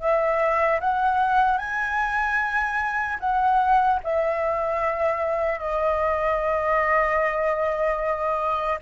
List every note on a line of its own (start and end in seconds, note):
0.00 0.80 E5
0.80 1.58 F#5
1.58 3.18 G#5
3.20 4.00 F#5
4.04 5.59 E5
5.59 8.79 D#5